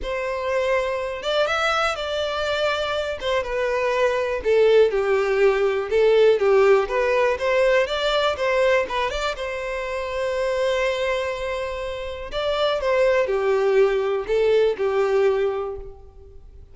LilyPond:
\new Staff \with { instrumentName = "violin" } { \time 4/4 \tempo 4 = 122 c''2~ c''8 d''8 e''4 | d''2~ d''8 c''8 b'4~ | b'4 a'4 g'2 | a'4 g'4 b'4 c''4 |
d''4 c''4 b'8 d''8 c''4~ | c''1~ | c''4 d''4 c''4 g'4~ | g'4 a'4 g'2 | }